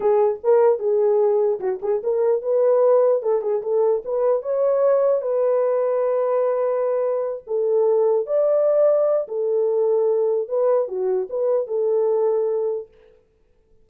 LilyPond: \new Staff \with { instrumentName = "horn" } { \time 4/4 \tempo 4 = 149 gis'4 ais'4 gis'2 | fis'8 gis'8 ais'4 b'2 | a'8 gis'8 a'4 b'4 cis''4~ | cis''4 b'2.~ |
b'2~ b'8 a'4.~ | a'8 d''2~ d''8 a'4~ | a'2 b'4 fis'4 | b'4 a'2. | }